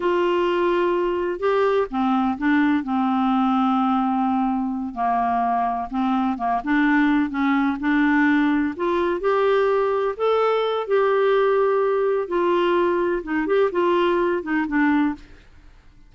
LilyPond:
\new Staff \with { instrumentName = "clarinet" } { \time 4/4 \tempo 4 = 127 f'2. g'4 | c'4 d'4 c'2~ | c'2~ c'8 ais4.~ | ais8 c'4 ais8 d'4. cis'8~ |
cis'8 d'2 f'4 g'8~ | g'4. a'4. g'4~ | g'2 f'2 | dis'8 g'8 f'4. dis'8 d'4 | }